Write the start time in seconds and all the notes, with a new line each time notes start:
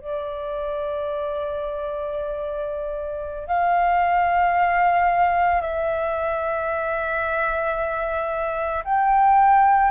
0.00 D5
3.47 F5
5.61 E5
8.84 G5